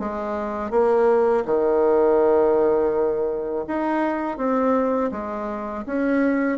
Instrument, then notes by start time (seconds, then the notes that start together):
bassoon
0.00 G#3
0.71 A#3
1.46 D#3
3.68 D#4
4.38 C4
5.12 G#3
5.86 C#4